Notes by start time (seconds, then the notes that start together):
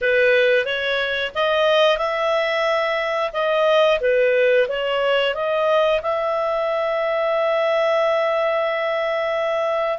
0.01 B4
0.65 C#5
1.35 D#5
1.97 E5
3.32 D#5
4.00 B4
4.68 C#5
5.34 D#5
6.01 E5